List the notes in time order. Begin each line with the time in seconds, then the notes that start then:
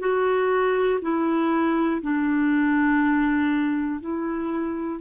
0.00 F#4
1.02 E4
2.02 D4
4.01 E4